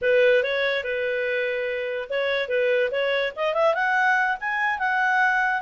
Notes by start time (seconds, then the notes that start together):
0.01 B4
0.43 C#5
0.83 B4
2.09 C#5
2.48 B4
2.91 C#5
3.35 D#5
3.53 E5
3.74 F#5
4.40 G#5
4.78 F#5